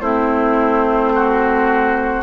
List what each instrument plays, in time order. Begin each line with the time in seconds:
0.00 bassoon A3, clarinet C4, oboe E4, flute C5
1.14 oboe F#4